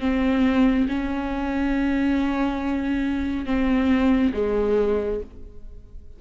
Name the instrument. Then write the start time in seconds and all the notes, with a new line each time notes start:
viola
0.00 C4
0.89 C#4
3.45 C4
4.33 G#3